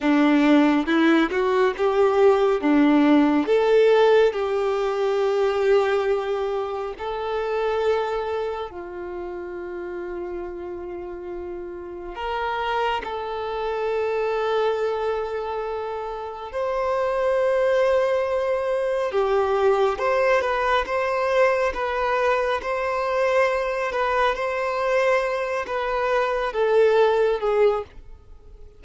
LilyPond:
\new Staff \with { instrumentName = "violin" } { \time 4/4 \tempo 4 = 69 d'4 e'8 fis'8 g'4 d'4 | a'4 g'2. | a'2 f'2~ | f'2 ais'4 a'4~ |
a'2. c''4~ | c''2 g'4 c''8 b'8 | c''4 b'4 c''4. b'8 | c''4. b'4 a'4 gis'8 | }